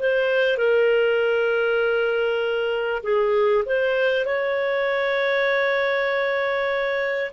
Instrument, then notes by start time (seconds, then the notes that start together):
clarinet
0.00 C5
0.58 A#4
3.04 G#4
3.66 C5
4.26 C#5